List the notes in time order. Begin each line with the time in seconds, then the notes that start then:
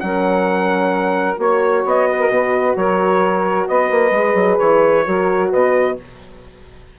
0.00 F#3 C#4 A#4 F#5
1.37 A#3 F#4 C#5
1.85 B3 D#5
2.10 B4
2.19 A#4
2.29 B2 B4
2.76 F#3 A#4 C#5
3.68 B3 B4 D#5
3.91 A#3
4.11 G#3 G#4
4.35 F#3
4.59 E3 C#5
5.06 F#3 F#4 A#4
5.50 B2 B4 D#5